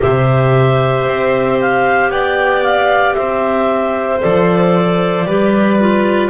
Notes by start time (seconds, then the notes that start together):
0.00 C3 G4 C5 E5
1.07 C4
1.60 F5
2.10 B3 D5 G5
2.62 F5
3.14 C4 C5 E5
4.20 F3 A4 D5
5.25 G3 G4 B4
5.79 F4